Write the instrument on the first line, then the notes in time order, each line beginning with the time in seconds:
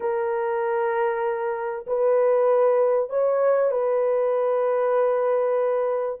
horn
0.00 A#4
1.86 B4
3.09 C#5
3.71 B4